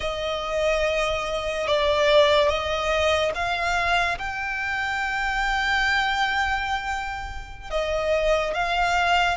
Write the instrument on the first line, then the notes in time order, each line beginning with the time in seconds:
violin
0.00 D#5
1.67 D5
2.48 D#5
3.34 F5
4.18 G5
7.70 D#5
8.53 F5